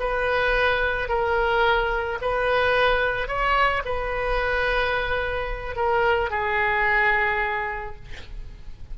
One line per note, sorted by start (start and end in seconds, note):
0.00 1.09 B4
1.09 2.19 A#4
2.22 3.28 B4
3.28 3.83 C#5
3.86 5.76 B4
5.76 6.31 A#4
6.31 7.96 G#4